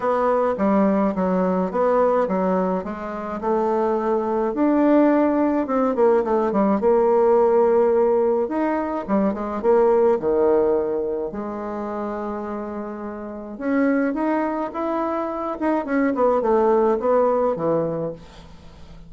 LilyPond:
\new Staff \with { instrumentName = "bassoon" } { \time 4/4 \tempo 4 = 106 b4 g4 fis4 b4 | fis4 gis4 a2 | d'2 c'8 ais8 a8 g8 | ais2. dis'4 |
g8 gis8 ais4 dis2 | gis1 | cis'4 dis'4 e'4. dis'8 | cis'8 b8 a4 b4 e4 | }